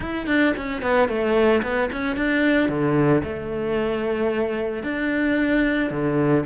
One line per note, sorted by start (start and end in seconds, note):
0.00 0.27 E4
0.27 0.53 D4
0.56 0.82 C#4
0.82 1.08 B3
1.08 1.61 A3
1.62 1.89 B3
1.91 2.16 C#4
2.16 2.68 D4
2.68 3.22 D3
3.23 4.83 A3
4.83 5.90 D4
5.90 6.44 D3